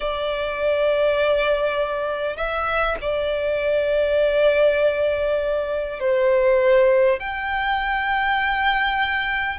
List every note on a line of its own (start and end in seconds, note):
0.00 2.36 D5
2.36 2.96 E5
3.01 5.99 D5
5.99 7.19 C5
7.19 9.58 G5